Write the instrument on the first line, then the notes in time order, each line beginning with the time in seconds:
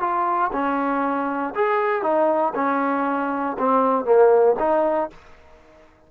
trombone
0.00 F4
0.52 C#4
1.55 G#4
2.02 D#4
2.55 C#4
3.58 C4
4.05 A#3
4.59 D#4